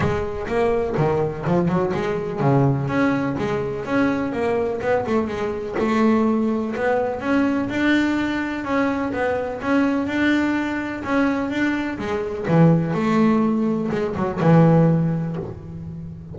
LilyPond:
\new Staff \with { instrumentName = "double bass" } { \time 4/4 \tempo 4 = 125 gis4 ais4 dis4 f8 fis8 | gis4 cis4 cis'4 gis4 | cis'4 ais4 b8 a8 gis4 | a2 b4 cis'4 |
d'2 cis'4 b4 | cis'4 d'2 cis'4 | d'4 gis4 e4 a4~ | a4 gis8 fis8 e2 | }